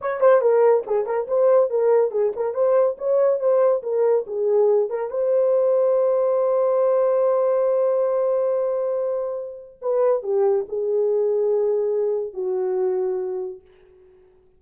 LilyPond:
\new Staff \with { instrumentName = "horn" } { \time 4/4 \tempo 4 = 141 cis''8 c''8 ais'4 gis'8 ais'8 c''4 | ais'4 gis'8 ais'8 c''4 cis''4 | c''4 ais'4 gis'4. ais'8 | c''1~ |
c''1~ | c''2. b'4 | g'4 gis'2.~ | gis'4 fis'2. | }